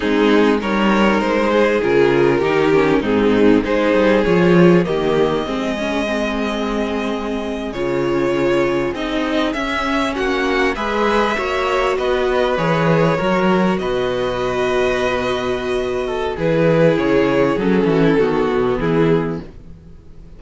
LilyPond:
<<
  \new Staff \with { instrumentName = "violin" } { \time 4/4 \tempo 4 = 99 gis'4 cis''4 c''4 ais'4~ | ais'4 gis'4 c''4 cis''4 | dis''1~ | dis''8. cis''2 dis''4 e''16~ |
e''8. fis''4 e''2 dis''16~ | dis''8. cis''2 dis''4~ dis''16~ | dis''2. b'4 | cis''4 a'2 gis'4 | }
  \new Staff \with { instrumentName = "violin" } { \time 4/4 dis'4 ais'4. gis'4. | g'4 dis'4 gis'2 | g'4 gis'2.~ | gis'1~ |
gis'8. fis'4 b'4 cis''4 b'16~ | b'4.~ b'16 ais'4 b'4~ b'16~ | b'2~ b'8 a'8 gis'4~ | gis'4. fis'16 e'16 fis'4 e'4 | }
  \new Staff \with { instrumentName = "viola" } { \time 4/4 c'4 dis'2 f'4 | dis'8 cis'8 c'4 dis'4 f'4 | ais4 c'8 cis'8 c'2~ | c'8. f'2 dis'4 cis'16~ |
cis'4.~ cis'16 gis'4 fis'4~ fis'16~ | fis'8. gis'4 fis'2~ fis'16~ | fis'2. e'4~ | e'4 cis'4 b2 | }
  \new Staff \with { instrumentName = "cello" } { \time 4/4 gis4 g4 gis4 cis4 | dis4 gis,4 gis8 g8 f4 | dis4 gis2.~ | gis8. cis2 c'4 cis'16~ |
cis'8. ais4 gis4 ais4 b16~ | b8. e4 fis4 b,4~ b,16~ | b,2. e4 | cis4 fis8 e8 dis8 b,8 e4 | }
>>